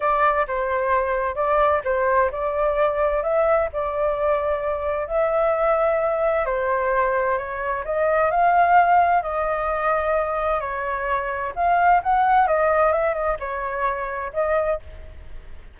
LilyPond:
\new Staff \with { instrumentName = "flute" } { \time 4/4 \tempo 4 = 130 d''4 c''2 d''4 | c''4 d''2 e''4 | d''2. e''4~ | e''2 c''2 |
cis''4 dis''4 f''2 | dis''2. cis''4~ | cis''4 f''4 fis''4 dis''4 | e''8 dis''8 cis''2 dis''4 | }